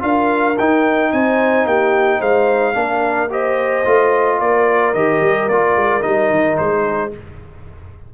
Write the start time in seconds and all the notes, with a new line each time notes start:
0.00 D4 F4 A#4 F5
0.58 D#4 G5
1.12 C4 C5 G#5
1.66 A#3 G4 G5
2.19 G#3 C5 F5
2.74 A#3 D4 A#4
3.30 G4 C5 D#5
3.85 A3 F4
4.40 A#3 A#4 D5
4.94 D#3 G4 D#5
5.21 G3
5.49 A#3 F4 D5
5.76 G#3
6.02 G3 D#4 D#5
6.31 D#3
6.58 G#3 C5
6.83 G#4